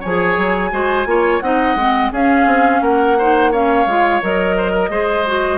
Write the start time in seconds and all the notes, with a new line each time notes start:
0.00 F3 G#4 C#5 G#5
0.37 F#3
0.71 G#3 F#4 C5
1.06 A#3 F4 C#5
1.40 C4 D#4 D#5 F#5
1.75 G#3 C4
2.12 C#4 G#4 F5
2.45 C4
2.81 A#3 A#4 F#5
3.18 D#4 C5
3.51 C#4 C#5 F5
3.85 G#3 F4
4.22 F#3 A#4 D#5
4.57 C5
4.71 A#4
4.89 G#3 G#4 C5
5.26 F#4